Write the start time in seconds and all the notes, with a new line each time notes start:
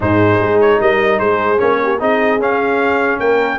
0.00 G#2 D#4 G#4 C5
0.41 G#3
0.60 C#5
0.80 G3 A#4 D#5
1.19 G#3 G#4 C5
1.58 A#3 C#4 C#5
1.83 G4
1.99 C4 D#4 G#4 D#5
2.39 C#4 F5
3.19 A#3 A#4 G5